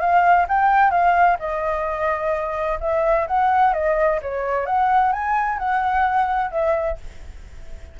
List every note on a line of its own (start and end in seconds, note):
0.00 0.47 F5
0.48 0.90 G5
0.90 1.37 F5
1.39 2.79 D#5
2.80 3.27 E5
3.27 3.73 F#5
3.73 4.20 D#5
4.22 4.66 C#5
4.66 5.12 F#5
5.12 5.58 G#5
5.58 6.51 F#5
6.51 6.97 E5